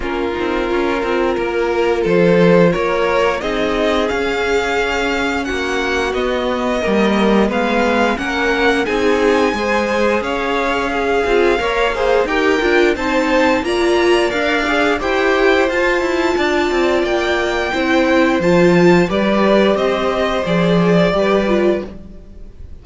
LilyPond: <<
  \new Staff \with { instrumentName = "violin" } { \time 4/4 \tempo 4 = 88 ais'2. c''4 | cis''4 dis''4 f''2 | fis''4 dis''2 f''4 | fis''4 gis''2 f''4~ |
f''2 g''4 a''4 | ais''4 f''4 g''4 a''4~ | a''4 g''2 a''4 | d''4 dis''4 d''2 | }
  \new Staff \with { instrumentName = "violin" } { \time 4/4 f'2 ais'4 a'4 | ais'4 gis'2. | fis'2 ais'4 b'4 | ais'4 gis'4 c''4 cis''4 |
gis'4 cis''8 c''8 ais'4 c''4 | d''2 c''2 | d''2 c''2 | b'4 c''2 b'4 | }
  \new Staff \with { instrumentName = "viola" } { \time 4/4 cis'8 dis'8 f'2.~ | f'4 dis'4 cis'2~ | cis'4 b4 ais4 b4 | cis'4 dis'4 gis'2~ |
gis'8 f'8 ais'8 gis'8 g'8 f'8 dis'4 | f'4 ais'8 gis'8 g'4 f'4~ | f'2 e'4 f'4 | g'2 gis'4 g'8 f'8 | }
  \new Staff \with { instrumentName = "cello" } { \time 4/4 ais8 c'8 cis'8 c'8 ais4 f4 | ais4 c'4 cis'2 | ais4 b4 g4 gis4 | ais4 c'4 gis4 cis'4~ |
cis'8 c'8 ais4 dis'8 d'8 c'4 | ais4 d'4 e'4 f'8 e'8 | d'8 c'8 ais4 c'4 f4 | g4 c'4 f4 g4 | }
>>